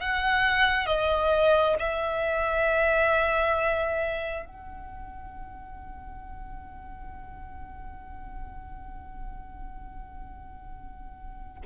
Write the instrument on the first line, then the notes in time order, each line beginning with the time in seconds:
violin
0.00 F#5
0.86 D#5
1.79 E5
4.45 F#5